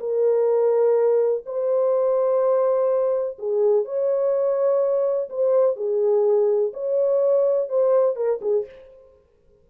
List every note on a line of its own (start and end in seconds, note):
0.00 1.44 A#4
1.46 3.38 C5
3.39 3.85 G#4
3.85 5.29 C#5
5.30 5.76 C5
5.76 6.72 G#4
6.74 7.69 C#5
7.69 8.16 C5
8.16 8.40 A#4
8.42 8.66 G#4